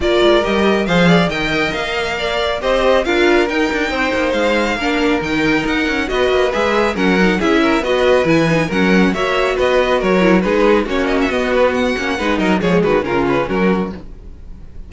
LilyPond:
<<
  \new Staff \with { instrumentName = "violin" } { \time 4/4 \tempo 4 = 138 d''4 dis''4 f''4 g''4 | f''2 dis''4 f''4 | g''2 f''2 | g''4 fis''4 dis''4 e''4 |
fis''4 e''4 dis''4 gis''4 | fis''4 e''4 dis''4 cis''4 | b'4 cis''8 dis''16 e''16 dis''8 b'8 fis''4~ | fis''8 dis''8 cis''8 b'8 ais'8 b'8 ais'4 | }
  \new Staff \with { instrumentName = "violin" } { \time 4/4 ais'2 c''8 d''8 dis''4~ | dis''4 d''4 c''4 ais'4~ | ais'4 c''2 ais'4~ | ais'2 b'2 |
ais'4 gis'8 ais'8 b'2 | ais'4 cis''4 b'4 ais'4 | gis'4 fis'2. | b'8 ais'8 gis'8 fis'8 f'4 fis'4 | }
  \new Staff \with { instrumentName = "viola" } { \time 4/4 f'4 g'4 gis'4 ais'4~ | ais'2 g'4 f'4 | dis'2. d'4 | dis'2 fis'4 gis'4 |
cis'8 dis'8 e'4 fis'4 e'8 dis'8 | cis'4 fis'2~ fis'8 e'8 | dis'4 cis'4 b4. cis'8 | dis'4 gis4 cis'2 | }
  \new Staff \with { instrumentName = "cello" } { \time 4/4 ais8 gis8 g4 f4 dis4 | ais2 c'4 d'4 | dis'8 d'8 c'8 ais8 gis4 ais4 | dis4 dis'8 cis'8 b8 ais8 gis4 |
fis4 cis'4 b4 e4 | fis4 ais4 b4 fis4 | gis4 ais4 b4. ais8 | gis8 fis8 f8 dis8 cis4 fis4 | }
>>